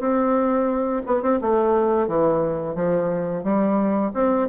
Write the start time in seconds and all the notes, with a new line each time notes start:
0.00 C4
1.07 B3
1.23 C4
1.41 A3
2.08 E3
2.76 F3
3.44 G3
4.14 C4